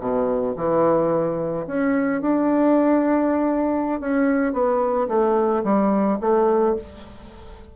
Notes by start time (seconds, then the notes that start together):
0.00 B2
0.56 E3
1.67 C#4
2.22 D4
4.00 C#4
4.53 B3
5.08 A3
5.64 G3
6.21 A3